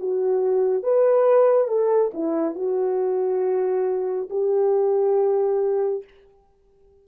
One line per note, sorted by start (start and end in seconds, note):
0.00 0.83 F#4
0.83 1.68 B4
1.68 2.11 A4
2.14 2.55 E4
2.55 4.29 F#4
4.30 6.04 G4